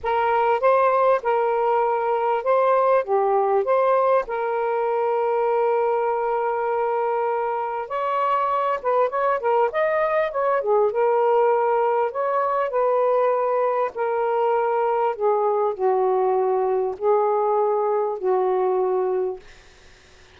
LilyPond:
\new Staff \with { instrumentName = "saxophone" } { \time 4/4 \tempo 4 = 99 ais'4 c''4 ais'2 | c''4 g'4 c''4 ais'4~ | ais'1~ | ais'4 cis''4. b'8 cis''8 ais'8 |
dis''4 cis''8 gis'8 ais'2 | cis''4 b'2 ais'4~ | ais'4 gis'4 fis'2 | gis'2 fis'2 | }